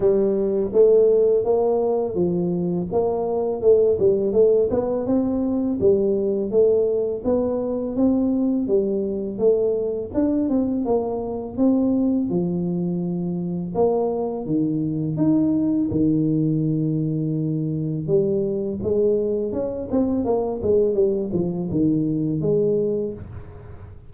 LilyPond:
\new Staff \with { instrumentName = "tuba" } { \time 4/4 \tempo 4 = 83 g4 a4 ais4 f4 | ais4 a8 g8 a8 b8 c'4 | g4 a4 b4 c'4 | g4 a4 d'8 c'8 ais4 |
c'4 f2 ais4 | dis4 dis'4 dis2~ | dis4 g4 gis4 cis'8 c'8 | ais8 gis8 g8 f8 dis4 gis4 | }